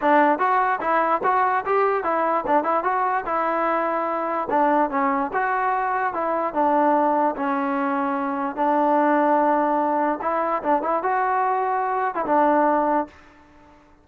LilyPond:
\new Staff \with { instrumentName = "trombone" } { \time 4/4 \tempo 4 = 147 d'4 fis'4 e'4 fis'4 | g'4 e'4 d'8 e'8 fis'4 | e'2. d'4 | cis'4 fis'2 e'4 |
d'2 cis'2~ | cis'4 d'2.~ | d'4 e'4 d'8 e'8 fis'4~ | fis'4.~ fis'16 e'16 d'2 | }